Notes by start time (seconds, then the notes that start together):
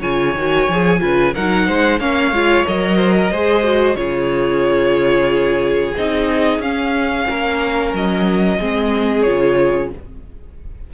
0.00 C#3 F4 C#5 G#5
0.34 D#3 F#4
0.69 F3 G#4
1.00 C#3 F4 B4
1.34 F#3 D#4 A#4 F#5
1.67 G#3 C5
1.99 A#3 C#4 C#5 F5
2.31 G#3 F4
2.66 F#3 A#4 D#5
2.97 C5
3.17 A#4
3.31 G#3 G#4 C5
3.63 F#4
3.95 C#3 F4 G#4 C#5
5.97 C4 D#4 D#5
6.59 C#4 F5
7.28 A#3 A#4
7.93 F#3 D#5
8.58 G#3 C4 G#4
9.22 C#3 F4 C#5